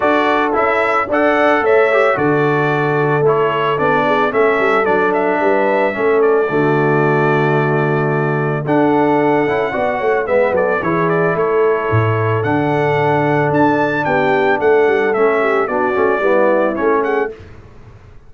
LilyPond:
<<
  \new Staff \with { instrumentName = "trumpet" } { \time 4/4 \tempo 4 = 111 d''4 e''4 fis''4 e''4 | d''2 cis''4 d''4 | e''4 d''8 e''2 d''8~ | d''1 |
fis''2. e''8 d''8 | cis''8 d''8 cis''2 fis''4~ | fis''4 a''4 g''4 fis''4 | e''4 d''2 cis''8 fis''8 | }
  \new Staff \with { instrumentName = "horn" } { \time 4/4 a'2 d''4 cis''4 | a'2.~ a'8 gis'8 | a'2 b'4 a'4 | fis'1 |
a'2 d''8 cis''8 b'8 a'8 | gis'4 a'2.~ | a'2 g'4 a'4~ | a'8 g'8 fis'4 e'4. gis'8 | }
  \new Staff \with { instrumentName = "trombone" } { \time 4/4 fis'4 e'4 a'4. g'8 | fis'2 e'4 d'4 | cis'4 d'2 cis'4 | a1 |
d'4. e'8 fis'4 b4 | e'2. d'4~ | d'1 | cis'4 d'8 cis'8 b4 cis'4 | }
  \new Staff \with { instrumentName = "tuba" } { \time 4/4 d'4 cis'4 d'4 a4 | d2 a4 b4 | a8 g8 fis4 g4 a4 | d1 |
d'4. cis'8 b8 a8 gis8 fis8 | e4 a4 a,4 d4~ | d4 d'4 b4 a8 g8 | a4 b8 a8 g4 a4 | }
>>